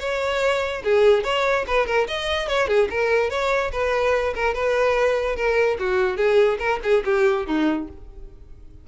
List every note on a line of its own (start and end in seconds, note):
0.00 0.83 C#5
0.84 1.24 G#4
1.24 1.65 C#5
1.68 1.87 B4
1.87 2.07 A#4
2.08 2.48 D#5
2.48 2.68 C#5
2.68 2.89 G#4
2.90 3.30 A#4
3.30 3.71 C#5
3.72 4.34 B4
4.35 4.54 A#4
4.54 5.36 B4
5.36 5.77 A#4
5.79 6.17 F#4
6.17 6.58 G#4
6.59 6.80 A#4
6.83 7.04 G#4
7.05 7.47 G4
7.47 7.88 D#4